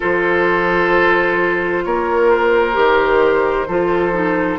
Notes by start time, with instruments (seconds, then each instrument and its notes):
0.00 bassoon F3, clarinet F4, oboe A4, flute C5
1.84 bassoon A#3, oboe A#4, flute C#5
2.30 flute C5
2.73 bassoon D#3, clarinet G4
3.67 bassoon F3, clarinet F4, oboe A4
4.12 clarinet D#4